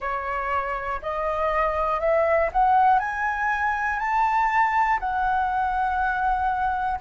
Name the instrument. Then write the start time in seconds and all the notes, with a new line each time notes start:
flute
0.00 C#5
1.01 D#5
2.00 E5
2.52 F#5
2.99 G#5
3.99 A5
5.00 F#5